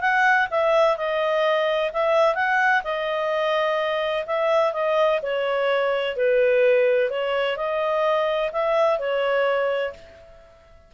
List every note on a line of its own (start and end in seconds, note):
0.00 0.47 F#5
0.50 0.96 E5
0.96 1.91 D#5
1.93 2.35 E5
2.35 2.82 F#5
2.83 4.25 D#5
4.26 4.73 E5
4.73 5.20 D#5
5.22 6.16 C#5
6.16 7.10 B4
7.10 7.56 C#5
7.56 8.51 D#5
8.52 8.98 E5
8.98 9.93 C#5